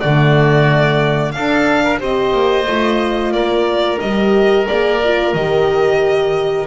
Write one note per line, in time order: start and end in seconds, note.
0.00 1.34 D3
0.00 1.34 A3
0.00 1.33 F#4
0.00 1.32 D5
1.32 2.00 D4
1.32 1.99 D4
1.32 1.84 A4
1.32 1.98 F5
1.84 2.00 A#4
1.99 2.33 C4
1.99 2.65 G4
1.99 3.33 C5
1.99 3.33 D#5
2.33 2.67 A#3
2.67 3.32 A3
2.67 4.01 F4
3.32 3.98 A#3
3.32 6.66 A#4
3.32 3.99 D5
4.00 4.68 G3
4.00 4.66 G4
4.00 4.66 D#5
4.66 5.34 A#3
4.66 5.00 G#4
4.66 5.33 D5
5.04 5.36 F4
5.33 6.66 D#3
5.33 6.66 G4
5.33 6.66 D#5